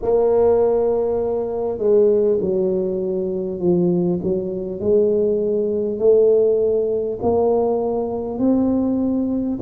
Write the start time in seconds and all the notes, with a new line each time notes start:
0.02 A#3
1.78 G#3
2.41 F#3
3.59 F3
4.23 F#3
4.80 G#3
5.98 A3
7.22 A#3
8.38 C4